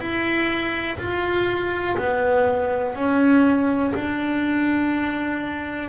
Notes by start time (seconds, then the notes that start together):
0.00 E4
0.99 F4
1.98 B3
2.96 C#4
3.95 D4